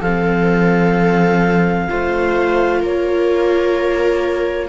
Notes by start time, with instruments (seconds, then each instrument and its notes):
0.00 cello F3, viola C4 A4, clarinet F5
1.89 cello A3, viola F4 C5
2.80 cello A#3, viola A#4, clarinet C#5